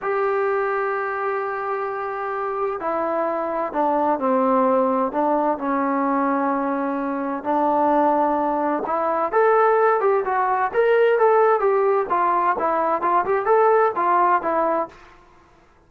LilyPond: \new Staff \with { instrumentName = "trombone" } { \time 4/4 \tempo 4 = 129 g'1~ | g'2 e'2 | d'4 c'2 d'4 | cis'1 |
d'2. e'4 | a'4. g'8 fis'4 ais'4 | a'4 g'4 f'4 e'4 | f'8 g'8 a'4 f'4 e'4 | }